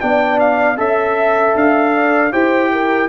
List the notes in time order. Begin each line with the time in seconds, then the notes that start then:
0.00 B3 D4 D5 G5
0.39 F5
0.77 C#4 A4 E5
1.55 D4 F5
1.94 D5
2.32 E4 G4 C5 G5
2.72 A#4